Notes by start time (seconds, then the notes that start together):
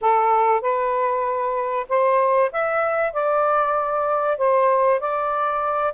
0.01 A4
0.61 B4
1.88 C5
2.51 E5
3.13 D5
4.37 C5
4.99 D5